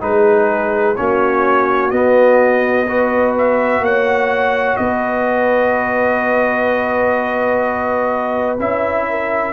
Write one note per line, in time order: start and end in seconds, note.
0.00 0.97 G#3
0.00 0.95 D#4
0.00 0.98 G#4
0.00 0.96 B4
0.96 1.91 A#3
0.96 1.91 C#4
0.96 2.86 F#4
0.96 1.90 C#5
1.90 2.87 B3
1.90 3.79 B3
1.90 3.33 D#5
2.86 8.59 F#4
2.86 3.81 B4
3.38 3.85 E5
3.79 4.75 A#3
3.79 4.80 C#5
3.79 4.76 F#5
4.76 8.60 B3
4.76 9.09 B4
4.76 8.57 D#5
8.60 9.53 C#4
8.60 9.53 E4
8.60 9.53 E5
9.09 9.53 A#4